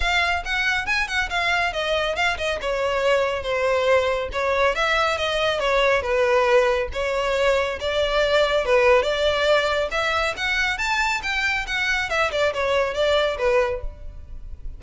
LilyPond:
\new Staff \with { instrumentName = "violin" } { \time 4/4 \tempo 4 = 139 f''4 fis''4 gis''8 fis''8 f''4 | dis''4 f''8 dis''8 cis''2 | c''2 cis''4 e''4 | dis''4 cis''4 b'2 |
cis''2 d''2 | b'4 d''2 e''4 | fis''4 a''4 g''4 fis''4 | e''8 d''8 cis''4 d''4 b'4 | }